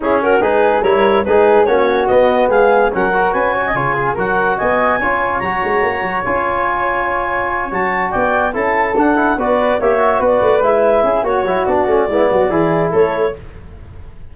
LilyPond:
<<
  \new Staff \with { instrumentName = "clarinet" } { \time 4/4 \tempo 4 = 144 gis'8 ais'8 b'4 cis''4 b'4 | cis''4 dis''4 f''4 fis''4 | gis''2 fis''4 gis''4~ | gis''4 ais''2 gis''4~ |
gis''2~ gis''8 a''4 g''8~ | g''8 a''4 fis''4 d''4 e''8~ | e''8 d''4 e''4. cis''4 | d''2. cis''4 | }
  \new Staff \with { instrumentName = "flute" } { \time 4/4 e'8 fis'8 gis'4 ais'4 gis'4 | fis'2 gis'4 ais'4 | b'8 cis''16 dis''16 cis''8 gis'8 ais'4 dis''4 | cis''1~ |
cis''2.~ cis''8 d''8~ | d''8 a'2 b'4 cis''8~ | cis''8 b'2 gis'8 fis'4~ | fis'4 e'8 fis'8 gis'4 a'4 | }
  \new Staff \with { instrumentName = "trombone" } { \time 4/4 cis'4 dis'4 e'4 dis'4 | cis'4 b2 cis'8 fis'8~ | fis'4 f'4 fis'2 | f'4 fis'2 f'4~ |
f'2~ f'8 fis'4.~ | fis'8 e'4 d'8 e'8 fis'4 g'8 | fis'4. e'4. fis'8 e'8 | d'8 cis'8 b4 e'2 | }
  \new Staff \with { instrumentName = "tuba" } { \time 4/4 cis'4 gis4 g4 gis4 | ais4 b4 gis4 fis4 | cis'4 cis4 fis4 b4 | cis'4 fis8 gis8 ais8 fis8 cis'4~ |
cis'2~ cis'8 fis4 b8~ | b8 cis'4 d'4 b4 ais8~ | ais8 b8 a8 gis4 cis'8 ais8 fis8 | b8 a8 gis8 fis8 e4 a4 | }
>>